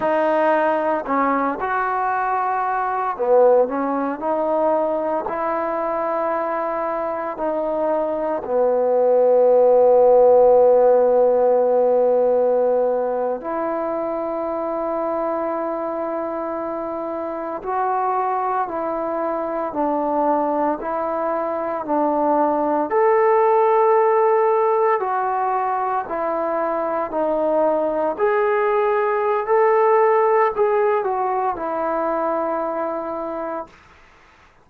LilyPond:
\new Staff \with { instrumentName = "trombone" } { \time 4/4 \tempo 4 = 57 dis'4 cis'8 fis'4. b8 cis'8 | dis'4 e'2 dis'4 | b1~ | b8. e'2.~ e'16~ |
e'8. fis'4 e'4 d'4 e'16~ | e'8. d'4 a'2 fis'16~ | fis'8. e'4 dis'4 gis'4~ gis'16 | a'4 gis'8 fis'8 e'2 | }